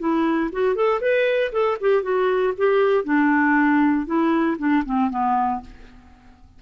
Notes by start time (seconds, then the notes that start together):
0.00 E4
0.53 F#4
0.76 A4
1.01 B4
1.53 A4
1.81 G4
2.03 F#4
2.58 G4
3.05 D4
4.07 E4
4.59 D4
4.86 C4
5.11 B3